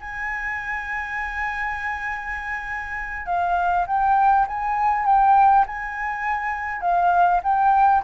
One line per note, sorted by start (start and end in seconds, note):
0.00 3.26 G#5
3.26 3.85 F5
3.87 4.46 G5
4.47 5.05 G#5
5.05 5.65 G5
5.67 6.81 G#5
6.81 7.40 F5
7.43 8.02 G5